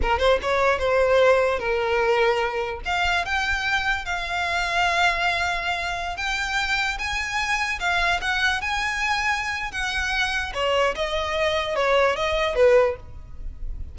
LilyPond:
\new Staff \with { instrumentName = "violin" } { \time 4/4 \tempo 4 = 148 ais'8 c''8 cis''4 c''2 | ais'2. f''4 | g''2 f''2~ | f''2.~ f''16 g''8.~ |
g''4~ g''16 gis''2 f''8.~ | f''16 fis''4 gis''2~ gis''8. | fis''2 cis''4 dis''4~ | dis''4 cis''4 dis''4 b'4 | }